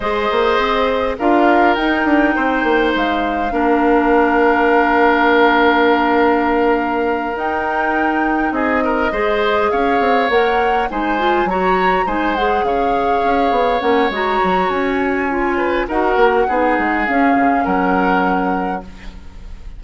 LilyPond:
<<
  \new Staff \with { instrumentName = "flute" } { \time 4/4 \tempo 4 = 102 dis''2 f''4 g''4~ | g''4 f''2.~ | f''1~ | f''8 g''2 dis''4.~ |
dis''8 f''4 fis''4 gis''4 ais''8~ | ais''8 gis''8 fis''8 f''2 fis''8 | ais''4 gis''2 fis''4~ | fis''4 f''4 fis''2 | }
  \new Staff \with { instrumentName = "oboe" } { \time 4/4 c''2 ais'2 | c''2 ais'2~ | ais'1~ | ais'2~ ais'8 gis'8 ais'8 c''8~ |
c''8 cis''2 c''4 cis''8~ | cis''8 c''4 cis''2~ cis''8~ | cis''2~ cis''8 b'8 ais'4 | gis'2 ais'2 | }
  \new Staff \with { instrumentName = "clarinet" } { \time 4/4 gis'2 f'4 dis'4~ | dis'2 d'2~ | d'1~ | d'8 dis'2. gis'8~ |
gis'4. ais'4 dis'8 f'8 fis'8~ | fis'8 dis'8 gis'2~ gis'8 cis'8 | fis'2 f'4 fis'4 | dis'4 cis'2. | }
  \new Staff \with { instrumentName = "bassoon" } { \time 4/4 gis8 ais8 c'4 d'4 dis'8 d'8 | c'8 ais8 gis4 ais2~ | ais1~ | ais8 dis'2 c'4 gis8~ |
gis8 cis'8 c'8 ais4 gis4 fis8~ | fis8 gis4 cis4 cis'8 b8 ais8 | gis8 fis8 cis'2 dis'8 ais8 | b8 gis8 cis'8 cis8 fis2 | }
>>